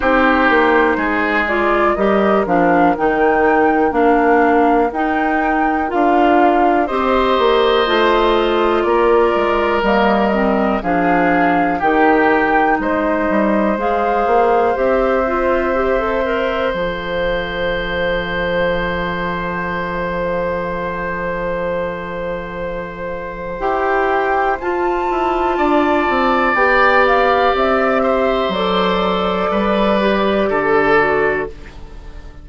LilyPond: <<
  \new Staff \with { instrumentName = "flute" } { \time 4/4 \tempo 4 = 61 c''4. d''8 dis''8 f''8 g''4 | f''4 g''4 f''4 dis''4~ | dis''4 d''4 dis''4 f''4 | g''4 dis''4 f''4 e''4~ |
e''4 f''2.~ | f''1 | g''4 a''2 g''8 f''8 | e''4 d''2. | }
  \new Staff \with { instrumentName = "oboe" } { \time 4/4 g'4 gis'4 ais'2~ | ais'2. c''4~ | c''4 ais'2 gis'4 | g'4 c''2.~ |
c''1~ | c''1~ | c''2 d''2~ | d''8 c''4. b'4 a'4 | }
  \new Staff \with { instrumentName = "clarinet" } { \time 4/4 dis'4. f'8 g'8 d'8 dis'4 | d'4 dis'4 f'4 g'4 | f'2 ais8 c'8 d'4 | dis'2 gis'4 g'8 f'8 |
g'16 a'16 ais'8 a'2.~ | a'1 | g'4 f'2 g'4~ | g'4 a'4. g'4 fis'8 | }
  \new Staff \with { instrumentName = "bassoon" } { \time 4/4 c'8 ais8 gis4 g8 f8 dis4 | ais4 dis'4 d'4 c'8 ais8 | a4 ais8 gis8 g4 f4 | dis4 gis8 g8 gis8 ais8 c'4~ |
c'4 f2.~ | f1 | e'4 f'8 e'8 d'8 c'8 b4 | c'4 fis4 g4 d4 | }
>>